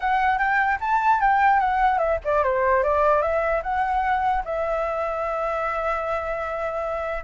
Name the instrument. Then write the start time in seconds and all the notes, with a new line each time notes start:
flute
0.00 F#5
0.38 G5
0.80 A5
1.21 G5
1.59 F#5
1.98 E5
2.24 D5
2.43 C5
2.83 D5
3.21 E5
3.62 F#5
4.44 E5